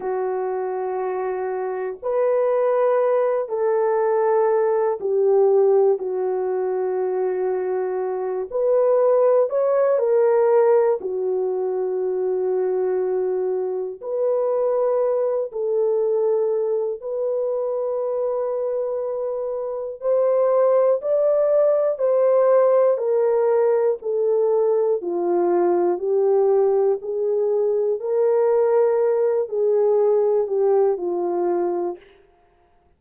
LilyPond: \new Staff \with { instrumentName = "horn" } { \time 4/4 \tempo 4 = 60 fis'2 b'4. a'8~ | a'4 g'4 fis'2~ | fis'8 b'4 cis''8 ais'4 fis'4~ | fis'2 b'4. a'8~ |
a'4 b'2. | c''4 d''4 c''4 ais'4 | a'4 f'4 g'4 gis'4 | ais'4. gis'4 g'8 f'4 | }